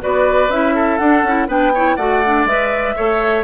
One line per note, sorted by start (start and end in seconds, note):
0.00 0.49 B3
0.00 0.49 F#4
0.00 0.75 B4
0.00 0.50 D5
0.49 0.98 C#4
0.49 1.01 E4
0.49 0.97 E5
0.75 1.47 A4
0.97 1.23 D4
0.97 1.26 D4
0.97 1.46 F#5
1.23 1.47 C#4
1.23 1.47 E4
1.47 1.96 B3
1.47 1.72 D4
1.47 1.72 B4
1.47 1.96 G5
1.74 1.98 E4
1.74 1.96 C#5
1.96 2.45 A3
1.96 2.23 F#4
1.96 2.94 D5
1.96 2.45 F#5
2.25 2.48 D4
2.45 2.94 G#3
2.45 2.96 B4
2.45 3.44 E5
2.96 3.44 A3
2.96 3.44 A4
2.96 3.44 C#5